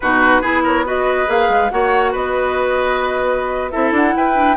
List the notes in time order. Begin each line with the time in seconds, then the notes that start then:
0.00 B2 D#4 F#4 B4
0.41 B3 E4 G#4
0.63 A#4 C#5
0.85 F#4 B4 D#5
1.26 A#3 G#4 F5
1.49 G#3
1.70 A#3 F#4 C#5 F#5
2.12 B3 B4 D#5
3.70 C4 E4 A4 E5
3.91 D4 F#5
4.16 E4 B4 G5
4.34 D4